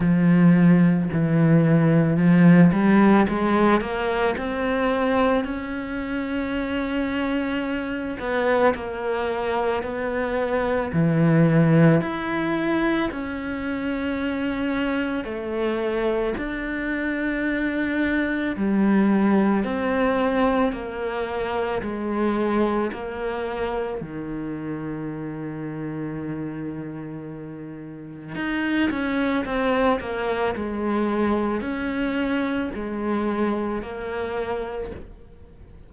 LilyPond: \new Staff \with { instrumentName = "cello" } { \time 4/4 \tempo 4 = 55 f4 e4 f8 g8 gis8 ais8 | c'4 cis'2~ cis'8 b8 | ais4 b4 e4 e'4 | cis'2 a4 d'4~ |
d'4 g4 c'4 ais4 | gis4 ais4 dis2~ | dis2 dis'8 cis'8 c'8 ais8 | gis4 cis'4 gis4 ais4 | }